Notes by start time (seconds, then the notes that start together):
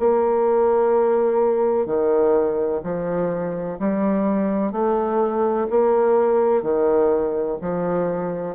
0.00 A#3
1.86 D#3
2.84 F3
3.80 G3
4.72 A3
5.71 A#3
6.63 D#3
7.62 F3